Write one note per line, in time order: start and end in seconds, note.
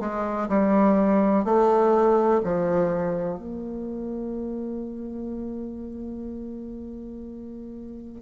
0.00 0.48 G#3
0.48 1.45 G3
1.45 2.41 A3
2.44 3.38 F3
3.38 8.22 A#3